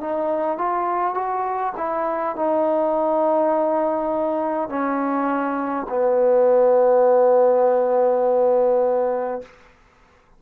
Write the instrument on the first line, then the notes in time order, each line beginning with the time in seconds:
trombone
0.00 D#4
0.58 F4
1.14 F#4
1.77 E4
2.36 D#4
4.69 C#4
5.89 B3